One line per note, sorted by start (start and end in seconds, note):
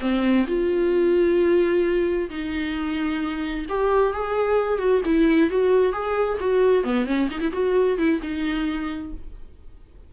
0.00 0.45 C4
0.47 2.29 F4
2.30 3.66 D#4
3.69 4.13 G4
4.13 4.78 G#4
4.78 5.01 F#4
5.05 5.50 E4
5.50 5.92 F#4
5.92 6.38 G#4
6.40 6.83 F#4
6.83 7.06 B3
7.06 7.28 C#4
7.30 7.40 D#4
7.40 7.51 E4
7.52 7.97 F#4
7.97 8.20 E4
8.22 9.13 D#4